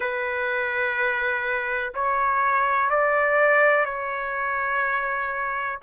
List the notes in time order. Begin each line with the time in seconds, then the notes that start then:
0.00 B4
1.94 C#5
2.90 D5
3.84 C#5